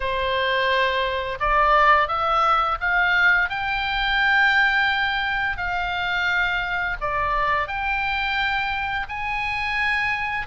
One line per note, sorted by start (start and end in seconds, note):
0.00 1.38 C5
1.40 2.08 D5
2.08 2.77 E5
2.80 3.49 F5
3.49 5.57 G5
5.57 6.96 F5
7.01 7.67 D5
7.67 9.07 G5
9.09 10.47 G#5